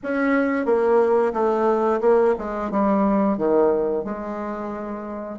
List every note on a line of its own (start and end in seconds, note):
0.03 0.65 C#4
0.65 1.32 A#3
1.33 2.00 A3
2.00 2.34 A#3
2.38 2.71 G#3
2.71 3.37 G3
3.37 4.04 D#3
4.04 5.38 G#3